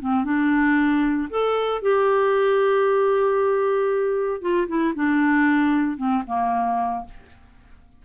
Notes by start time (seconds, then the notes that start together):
0.00 C4
0.24 D4
1.29 A4
1.81 G4
4.41 F4
4.67 E4
4.95 D4
5.97 C4
6.26 A#3